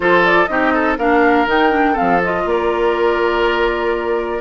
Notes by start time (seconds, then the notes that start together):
0.00 F3 F4 A4 C5
0.25 D5
0.46 C4 D#4 G4 D#5
0.73 A4
0.98 A#3 D4 A#4 F5
1.46 D#3 D#4 G5
1.71 D4
1.92 C4 A4 F5
2.00 F3
2.23 F4 D#5
2.45 A#3 A#4 D5